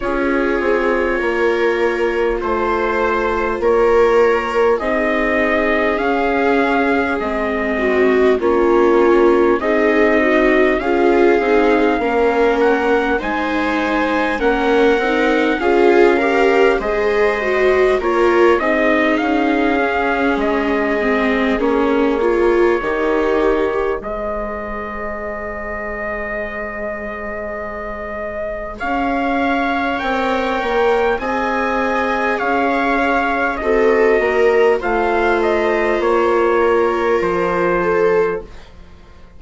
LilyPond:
<<
  \new Staff \with { instrumentName = "trumpet" } { \time 4/4 \tempo 4 = 50 cis''2 c''4 cis''4 | dis''4 f''4 dis''4 cis''4 | dis''4 f''4. fis''8 gis''4 | fis''4 f''4 dis''4 cis''8 dis''8 |
f''4 dis''4 cis''2 | dis''1 | f''4 g''4 gis''4 f''4 | dis''4 f''8 dis''8 cis''4 c''4 | }
  \new Staff \with { instrumentName = "viola" } { \time 4/4 gis'4 ais'4 c''4 ais'4 | gis'2~ gis'8 fis'8 f'4 | dis'4 gis'4 ais'4 c''4 | ais'4 gis'8 ais'8 c''4 ais'8 gis'8~ |
gis'2. g'4 | c''1 | cis''2 dis''4 cis''4 | a'8 ais'8 c''4. ais'4 a'8 | }
  \new Staff \with { instrumentName = "viola" } { \time 4/4 f'1 | dis'4 cis'4 c'4 cis'4 | gis'8 fis'8 f'8 dis'8 cis'4 dis'4 | cis'8 dis'8 f'8 g'8 gis'8 fis'8 f'8 dis'8~ |
dis'8 cis'4 c'8 cis'8 f'8 dis'8. g'16 | gis'1~ | gis'4 ais'4 gis'2 | fis'4 f'2. | }
  \new Staff \with { instrumentName = "bassoon" } { \time 4/4 cis'8 c'8 ais4 a4 ais4 | c'4 cis'4 gis4 ais4 | c'4 cis'8 c'8 ais4 gis4 | ais8 c'8 cis'4 gis4 ais8 c'8 |
cis'4 gis4 ais4 dis4 | gis1 | cis'4 c'8 ais8 c'4 cis'4 | c'8 ais8 a4 ais4 f4 | }
>>